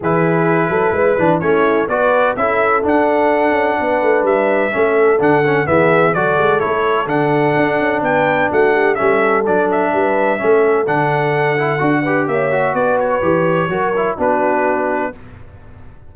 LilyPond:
<<
  \new Staff \with { instrumentName = "trumpet" } { \time 4/4 \tempo 4 = 127 b'2. cis''4 | d''4 e''4 fis''2~ | fis''4 e''2 fis''4 | e''4 d''4 cis''4 fis''4~ |
fis''4 g''4 fis''4 e''4 | d''8 e''2~ e''8 fis''4~ | fis''2 e''4 d''8 cis''8~ | cis''2 b'2 | }
  \new Staff \with { instrumentName = "horn" } { \time 4/4 gis'4. a'8 b'4 e'4 | b'4 a'2. | b'2 a'2 | gis'4 a'2.~ |
a'4 b'4 fis'8 g'8 a'4~ | a'4 b'4 a'2~ | a'4. b'8 cis''4 b'4~ | b'4 ais'4 fis'2 | }
  \new Staff \with { instrumentName = "trombone" } { \time 4/4 e'2~ e'8 d'8 cis'4 | fis'4 e'4 d'2~ | d'2 cis'4 d'8 cis'8 | b4 fis'4 e'4 d'4~ |
d'2. cis'4 | d'2 cis'4 d'4~ | d'8 e'8 fis'8 g'4 fis'4. | g'4 fis'8 e'8 d'2 | }
  \new Staff \with { instrumentName = "tuba" } { \time 4/4 e4. fis8 gis8 e8 a4 | b4 cis'4 d'4. cis'8 | b8 a8 g4 a4 d4 | e4 fis8 gis8 a4 d4 |
d'8 cis'8 b4 a4 g4 | fis4 g4 a4 d4~ | d4 d'4 ais4 b4 | e4 fis4 b2 | }
>>